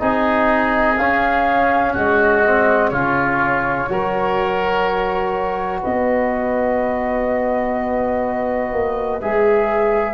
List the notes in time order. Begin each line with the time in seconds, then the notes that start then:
0.00 C4 D#4 G#4 D#5
0.98 C#4 F5
1.94 G#3 F#4 D#5
2.46 C4
2.90 C#3 C#4 F4 C#5
3.89 F#3 F#4 A#4
5.81 B3 B4 D#5
8.73 A#3
9.21 G#3 G#4 E5